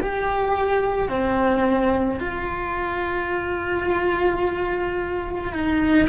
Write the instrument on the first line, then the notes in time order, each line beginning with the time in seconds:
cello
0.00 G4
1.09 C4
2.20 F4
5.53 D#4